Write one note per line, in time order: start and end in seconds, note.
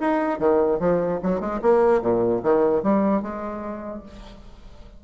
0.00 0.39 D#4
0.39 0.79 D#3
0.79 1.20 F3
1.22 1.40 F#3
1.40 1.60 G#3
1.61 2.01 A#3
2.01 2.42 A#2
2.43 2.83 D#3
2.83 3.22 G3
3.22 4.03 G#3